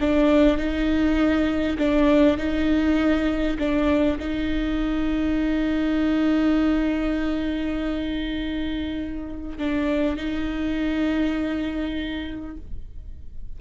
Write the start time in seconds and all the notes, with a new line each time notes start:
0.00 D4
0.57 D#4
1.78 D4
2.37 D#4
3.58 D4
4.19 D#4
9.58 D4
10.16 D#4